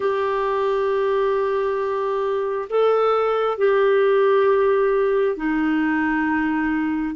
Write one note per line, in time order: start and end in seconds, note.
0.00 2.68 G4
2.69 3.57 A4
3.57 5.36 G4
5.36 7.15 D#4